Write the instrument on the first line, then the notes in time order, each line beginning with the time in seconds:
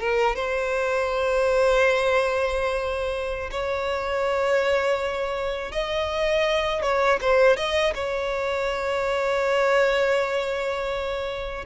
violin
0.00 A#4
0.36 C5
3.52 C#5
5.72 D#5
6.83 C#5
7.21 C5
7.57 D#5
7.95 C#5